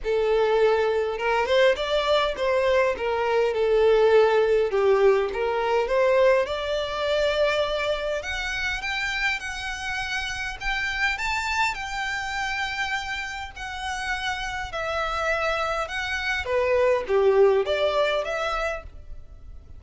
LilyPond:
\new Staff \with { instrumentName = "violin" } { \time 4/4 \tempo 4 = 102 a'2 ais'8 c''8 d''4 | c''4 ais'4 a'2 | g'4 ais'4 c''4 d''4~ | d''2 fis''4 g''4 |
fis''2 g''4 a''4 | g''2. fis''4~ | fis''4 e''2 fis''4 | b'4 g'4 d''4 e''4 | }